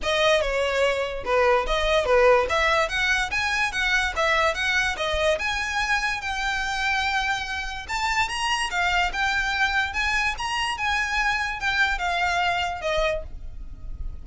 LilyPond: \new Staff \with { instrumentName = "violin" } { \time 4/4 \tempo 4 = 145 dis''4 cis''2 b'4 | dis''4 b'4 e''4 fis''4 | gis''4 fis''4 e''4 fis''4 | dis''4 gis''2 g''4~ |
g''2. a''4 | ais''4 f''4 g''2 | gis''4 ais''4 gis''2 | g''4 f''2 dis''4 | }